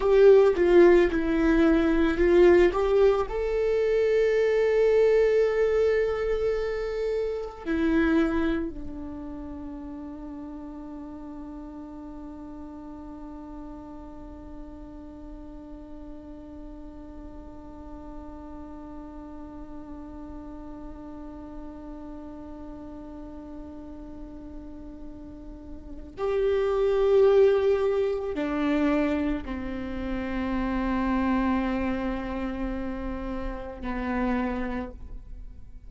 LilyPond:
\new Staff \with { instrumentName = "viola" } { \time 4/4 \tempo 4 = 55 g'8 f'8 e'4 f'8 g'8 a'4~ | a'2. e'4 | d'1~ | d'1~ |
d'1~ | d'1 | g'2 d'4 c'4~ | c'2. b4 | }